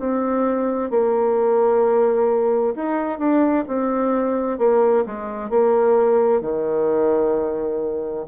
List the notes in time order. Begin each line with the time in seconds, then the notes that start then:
0.00 C4
0.91 A#3
2.76 D#4
3.19 D4
3.68 C4
4.59 A#3
5.06 G#3
5.50 A#3
6.42 D#3